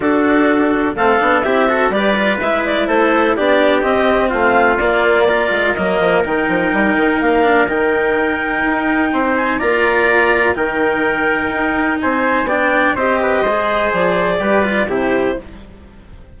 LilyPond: <<
  \new Staff \with { instrumentName = "clarinet" } { \time 4/4 \tempo 4 = 125 a'2 f''4 e''4 | d''4 e''8 d''8 c''4 d''4 | dis''4 f''4 d''2 | dis''4 g''2 f''4 |
g''2.~ g''8 gis''8 | ais''2 g''2~ | g''4 gis''4 g''4 dis''4~ | dis''4 d''2 c''4 | }
  \new Staff \with { instrumentName = "trumpet" } { \time 4/4 fis'2 a'4 g'8 a'8 | b'2 a'4 g'4~ | g'4 f'2 ais'4~ | ais'1~ |
ais'2. c''4 | d''2 ais'2~ | ais'4 c''4 d''4 c''8 b'8 | c''2 b'4 g'4 | }
  \new Staff \with { instrumentName = "cello" } { \time 4/4 d'2 c'8 d'8 e'8 fis'8 | g'8 f'8 e'2 d'4 | c'2 ais4 f'4 | ais4 dis'2~ dis'8 d'8 |
dis'1 | f'2 dis'2~ | dis'2 d'4 g'4 | gis'2 g'8 f'8 e'4 | }
  \new Staff \with { instrumentName = "bassoon" } { \time 4/4 d'2 a8 b8 c'4 | g4 gis4 a4 b4 | c'4 a4 ais4. gis8 | fis8 f8 dis8 f8 g8 dis8 ais4 |
dis2 dis'4 c'4 | ais2 dis2 | dis'4 c'4 b4 c'4 | gis4 f4 g4 c4 | }
>>